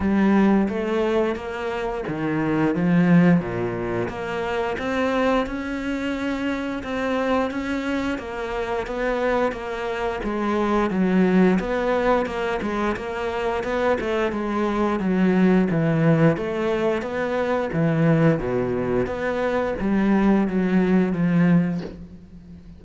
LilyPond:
\new Staff \with { instrumentName = "cello" } { \time 4/4 \tempo 4 = 88 g4 a4 ais4 dis4 | f4 ais,4 ais4 c'4 | cis'2 c'4 cis'4 | ais4 b4 ais4 gis4 |
fis4 b4 ais8 gis8 ais4 | b8 a8 gis4 fis4 e4 | a4 b4 e4 b,4 | b4 g4 fis4 f4 | }